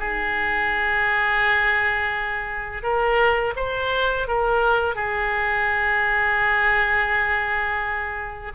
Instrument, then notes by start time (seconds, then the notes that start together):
oboe
0.00 G#4
2.83 A#4
3.56 C5
4.28 A#4
4.95 G#4